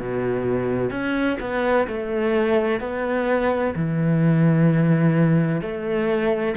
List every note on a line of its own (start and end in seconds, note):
0.00 0.91 B2
0.91 1.38 C#4
1.41 1.87 B3
1.87 2.80 A3
2.80 3.74 B3
3.76 5.62 E3
5.62 6.55 A3